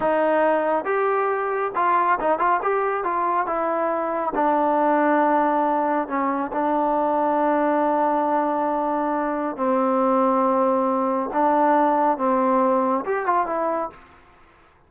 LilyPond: \new Staff \with { instrumentName = "trombone" } { \time 4/4 \tempo 4 = 138 dis'2 g'2 | f'4 dis'8 f'8 g'4 f'4 | e'2 d'2~ | d'2 cis'4 d'4~ |
d'1~ | d'2 c'2~ | c'2 d'2 | c'2 g'8 f'8 e'4 | }